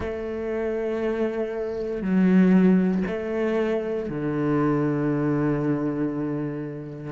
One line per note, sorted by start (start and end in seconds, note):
0.00 2.02 A3
2.02 3.03 F#3
3.07 4.09 A3
4.09 7.12 D3